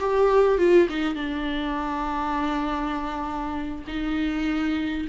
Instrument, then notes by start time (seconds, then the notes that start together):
viola
0.00 G4
0.59 F4
0.89 D#4
1.15 D4
3.88 D#4